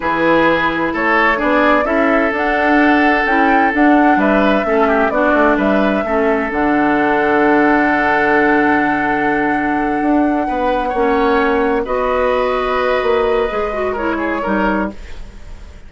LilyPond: <<
  \new Staff \with { instrumentName = "flute" } { \time 4/4 \tempo 4 = 129 b'2 cis''4 d''4 | e''4 fis''2 g''4 | fis''4 e''2 d''4 | e''2 fis''2~ |
fis''1~ | fis''1~ | fis''4. dis''2~ dis''8~ | dis''2 cis''2 | }
  \new Staff \with { instrumentName = "oboe" } { \time 4/4 gis'2 a'4 gis'4 | a'1~ | a'4 b'4 a'8 g'8 fis'4 | b'4 a'2.~ |
a'1~ | a'2~ a'8 b'4 cis''8~ | cis''4. b'2~ b'8~ | b'2 ais'8 gis'8 ais'4 | }
  \new Staff \with { instrumentName = "clarinet" } { \time 4/4 e'2. d'4 | e'4 d'2 e'4 | d'2 cis'4 d'4~ | d'4 cis'4 d'2~ |
d'1~ | d'2.~ d'8 cis'8~ | cis'4. fis'2~ fis'8~ | fis'4 gis'8 fis'8 e'4 dis'4 | }
  \new Staff \with { instrumentName = "bassoon" } { \time 4/4 e2 a4 b4 | cis'4 d'2 cis'4 | d'4 g4 a4 b8 a8 | g4 a4 d2~ |
d1~ | d4. d'4 b4 ais8~ | ais4. b2~ b8 | ais4 gis2 g4 | }
>>